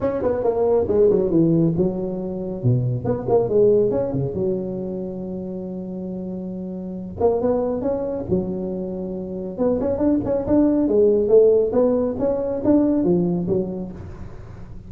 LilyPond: \new Staff \with { instrumentName = "tuba" } { \time 4/4 \tempo 4 = 138 cis'8 b8 ais4 gis8 fis8 e4 | fis2 b,4 b8 ais8 | gis4 cis'8 cis8 fis2~ | fis1~ |
fis8 ais8 b4 cis'4 fis4~ | fis2 b8 cis'8 d'8 cis'8 | d'4 gis4 a4 b4 | cis'4 d'4 f4 fis4 | }